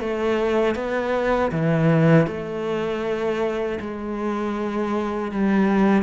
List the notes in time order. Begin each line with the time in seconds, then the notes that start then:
0.00 A3
0.75 B3
1.52 E3
2.26 A3
3.80 G#3
5.31 G3